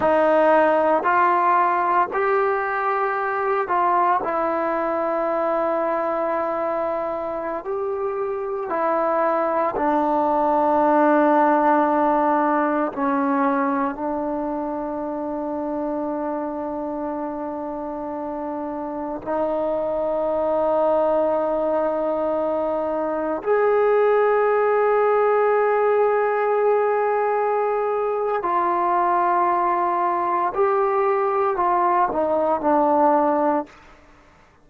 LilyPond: \new Staff \with { instrumentName = "trombone" } { \time 4/4 \tempo 4 = 57 dis'4 f'4 g'4. f'8 | e'2.~ e'16 g'8.~ | g'16 e'4 d'2~ d'8.~ | d'16 cis'4 d'2~ d'8.~ |
d'2~ d'16 dis'4.~ dis'16~ | dis'2~ dis'16 gis'4.~ gis'16~ | gis'2. f'4~ | f'4 g'4 f'8 dis'8 d'4 | }